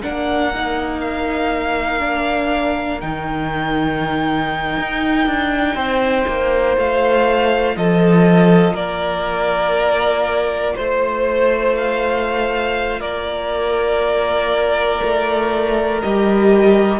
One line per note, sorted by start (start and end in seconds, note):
0.00 3.02 A#3
0.00 0.53 D4
0.00 5.75 A#4
0.00 1.01 F#5
0.54 1.99 D#4
1.01 3.00 F5
1.99 2.99 D4
3.00 4.77 D#3
3.00 6.76 D#4
3.00 6.75 G5
4.77 5.26 D#4
5.26 5.75 D4
5.75 6.25 C4
5.75 7.75 C5
6.27 6.77 A#3
6.76 7.76 A3
6.76 16.01 F4
6.76 7.76 F5
7.76 8.73 F3
7.76 8.74 A4
7.76 8.76 D#5
8.73 10.73 A#3
8.73 10.74 A#4
8.73 10.76 D5
10.76 13.00 A3
10.76 11.76 C5
10.76 13.00 C5
11.77 13.01 F5
13.00 15.00 A#3
13.00 17.00 A#4
13.00 16.01 D5
15.03 16.03 A3
16.02 17.00 G3
16.02 17.00 G4
16.02 17.00 D#5